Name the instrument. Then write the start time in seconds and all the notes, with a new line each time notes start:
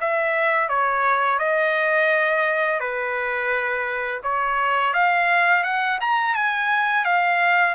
trumpet
0.00 E5
0.68 C#5
1.38 D#5
2.79 B4
4.23 C#5
4.93 F5
5.63 F#5
6.00 A#5
6.35 G#5
7.05 F5